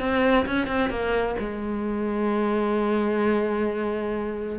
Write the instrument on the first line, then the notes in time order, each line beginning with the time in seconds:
cello
0.00 C4
0.46 C#4
0.67 C4
0.90 A#3
1.39 G#3